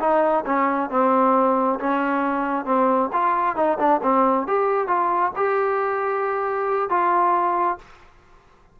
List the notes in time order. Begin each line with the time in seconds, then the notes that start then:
0.00 D#4
0.45 C#4
0.90 C4
1.80 C#4
2.65 C4
3.13 F4
3.56 D#4
3.79 D4
4.03 C4
4.47 G4
4.87 F4
5.36 G4
6.89 F4